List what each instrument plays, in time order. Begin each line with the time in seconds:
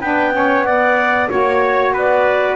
0.00 double bass B3, saxophone D4, trumpet B4, clarinet G5
0.33 saxophone C#4, trumpet C#5
0.64 saxophone B3, trumpet D5, clarinet F#5
1.29 double bass A#3, saxophone F#4, clarinet C#5, trumpet C#5
1.93 double bass B3, trumpet B4, clarinet D5